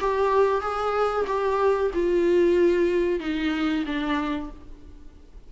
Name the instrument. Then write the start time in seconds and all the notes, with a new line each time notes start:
viola
0.00 G4
0.61 G#4
1.27 G4
1.94 F4
3.20 D#4
3.86 D4